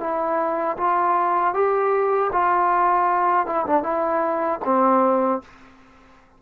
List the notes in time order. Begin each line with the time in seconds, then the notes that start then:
0.00 E4
0.77 F4
1.54 G4
2.32 F4
3.46 E4
3.66 D4
3.83 E4
4.65 C4